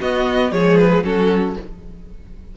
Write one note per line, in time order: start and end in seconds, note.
0.00 0.51 B3
0.00 0.52 B3
0.00 0.51 F#4
0.00 0.52 D#5
0.51 1.03 F3
0.51 1.03 G#3
0.51 1.03 G#4
0.51 0.77 C#5
0.77 1.03 B4
1.03 1.56 F#3
1.03 1.55 C#4
1.03 1.56 F#4
1.03 1.57 A4